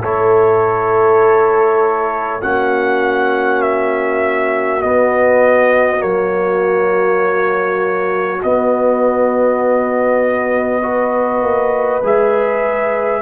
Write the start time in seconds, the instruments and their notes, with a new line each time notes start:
0.00 tuba A3, trombone E4, horn A4, trumpet C#5
2.41 tuba A#3, trombone C#4, horn F#4, trumpet F#5
3.62 trumpet E5
4.82 trombone B3, tuba B3, trumpet D#5
5.98 tuba F#3, trombone A#3, trumpet C#5
8.43 tuba B3, trombone B3, trumpet D#5
10.82 trombone F#4, horn B4
11.42 tuba A#3
12.03 tuba G#3, trombone G#4, trumpet E5